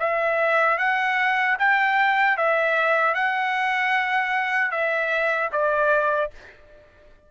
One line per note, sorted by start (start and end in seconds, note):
0.00 0.79 E5
0.79 1.58 F#5
1.59 2.38 G5
2.38 3.15 E5
3.15 4.72 F#5
4.72 5.50 E5
5.52 6.31 D5